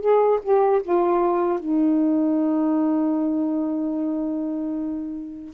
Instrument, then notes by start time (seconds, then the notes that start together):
saxophone
0.00 G#4
0.42 G4
0.83 F4
1.59 D#4